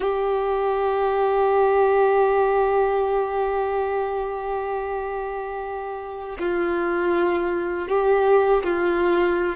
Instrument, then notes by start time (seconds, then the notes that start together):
violin
0.00 G4
6.39 F4
7.88 G4
8.63 F4